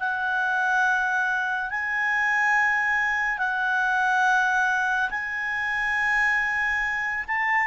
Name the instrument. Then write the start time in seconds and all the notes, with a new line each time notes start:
clarinet
0.00 F#5
1.71 G#5
3.39 F#5
5.11 G#5
7.28 A5